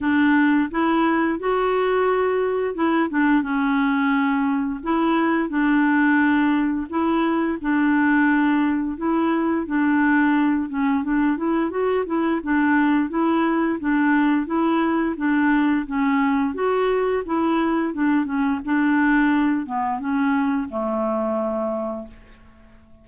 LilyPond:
\new Staff \with { instrumentName = "clarinet" } { \time 4/4 \tempo 4 = 87 d'4 e'4 fis'2 | e'8 d'8 cis'2 e'4 | d'2 e'4 d'4~ | d'4 e'4 d'4. cis'8 |
d'8 e'8 fis'8 e'8 d'4 e'4 | d'4 e'4 d'4 cis'4 | fis'4 e'4 d'8 cis'8 d'4~ | d'8 b8 cis'4 a2 | }